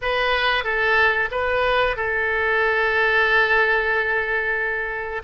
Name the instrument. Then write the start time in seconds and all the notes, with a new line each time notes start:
oboe
0.01 B4
0.63 A4
1.31 B4
1.96 A4